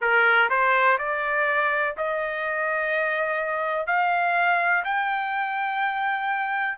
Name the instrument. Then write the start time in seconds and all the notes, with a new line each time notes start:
trumpet
0.00 A#4
0.49 C5
0.98 D5
1.97 D#5
3.87 F5
4.84 G5